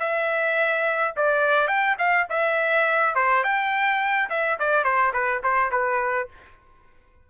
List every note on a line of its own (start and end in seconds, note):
0.00 1.14 E5
1.17 1.68 D5
1.68 1.96 G5
1.99 2.27 F5
2.30 3.16 E5
3.16 3.44 C5
3.44 4.30 G5
4.30 4.59 E5
4.59 4.84 D5
4.84 5.13 C5
5.14 5.42 B4
5.44 5.71 C5
5.71 6.29 B4